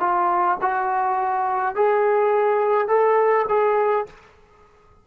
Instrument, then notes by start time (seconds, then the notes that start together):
trombone
0.00 F4
0.62 F#4
1.76 G#4
2.88 A4
3.49 G#4